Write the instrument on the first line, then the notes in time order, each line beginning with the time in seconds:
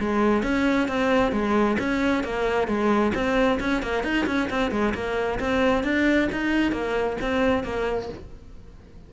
cello
0.00 G#3
0.43 C#4
0.88 C4
1.32 G#3
1.79 C#4
2.24 A#3
2.68 G#3
3.14 C4
3.60 C#4
3.83 A#3
4.04 D#4
4.27 C#4
4.50 C4
4.71 G#3
4.94 A#3
5.40 C4
5.84 D4
6.32 D#4
6.72 A#3
7.21 C4
7.64 A#3